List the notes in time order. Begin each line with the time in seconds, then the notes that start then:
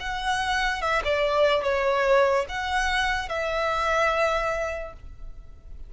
0.00 F#5
0.81 E5
1.04 D5
1.63 C#5
2.48 F#5
3.28 E5